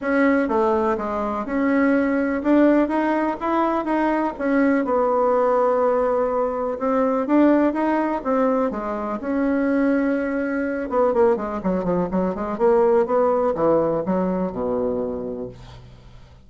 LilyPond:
\new Staff \with { instrumentName = "bassoon" } { \time 4/4 \tempo 4 = 124 cis'4 a4 gis4 cis'4~ | cis'4 d'4 dis'4 e'4 | dis'4 cis'4 b2~ | b2 c'4 d'4 |
dis'4 c'4 gis4 cis'4~ | cis'2~ cis'8 b8 ais8 gis8 | fis8 f8 fis8 gis8 ais4 b4 | e4 fis4 b,2 | }